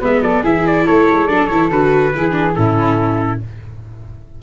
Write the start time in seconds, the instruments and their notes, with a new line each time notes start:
0.00 tuba G#3, viola B3, flute B4, trumpet E5
0.22 tuba F#3, flute A4, trumpet D5
0.42 tuba E3, viola E4, flute G#4, trumpet E5
0.66 trumpet D5
0.86 tuba A3, flute A4, trumpet C#5
1.12 tuba G#3
1.27 tuba F#3, viola D4, trumpet D5
1.47 tuba E3, viola E4, trumpet C#5
1.70 tuba D3, viola F#4, trumpet B4
2.15 tuba E3, viola E4, flute G#4
2.31 viola D4
2.55 tuba A2, viola C#4, flute E4, trumpet A4